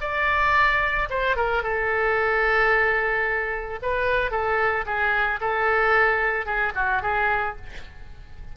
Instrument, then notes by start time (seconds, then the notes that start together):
oboe
0.00 D5
1.10 C5
1.36 A#4
1.63 A4
3.82 B4
4.31 A4
4.85 G#4
5.40 A4
6.45 G#4
6.75 F#4
7.02 G#4